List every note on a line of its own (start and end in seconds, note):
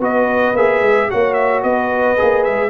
0.00 0.54 B3
0.00 0.55 F#4
0.00 1.10 B4
0.00 0.56 D#5
0.55 0.82 A#3
0.55 1.10 G#4
0.55 1.10 E5
0.82 1.09 G#3
1.10 1.64 A#3
1.10 2.18 F#4
1.10 1.64 C#5
1.10 1.34 F#5
1.34 1.61 E5
1.63 2.18 B3
1.63 2.70 B4
1.63 2.44 D#5
2.18 2.48 A#3
2.18 2.70 G#4
2.44 2.70 G#3
2.44 2.70 E5